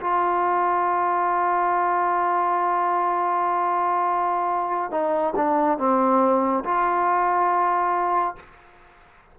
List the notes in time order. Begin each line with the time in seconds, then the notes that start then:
0.00 F4
4.91 D#4
5.36 D4
5.78 C4
6.64 F4